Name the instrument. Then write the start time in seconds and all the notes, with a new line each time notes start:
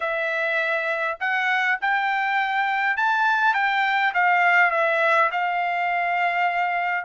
trumpet
0.00 E5
1.20 F#5
1.81 G5
2.96 A5
3.53 G5
4.13 F5
4.71 E5
5.31 F5